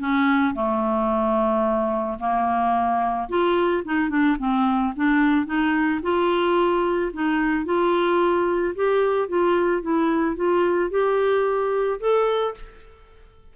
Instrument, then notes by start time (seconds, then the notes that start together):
clarinet
0.00 C#4
0.55 A3
2.20 A#3
3.29 F4
3.85 D#4
4.10 D4
4.39 C4
4.96 D4
5.46 D#4
6.03 F4
7.13 D#4
7.65 F4
8.75 G4
9.29 F4
9.82 E4
10.36 F4
10.91 G4
12.00 A4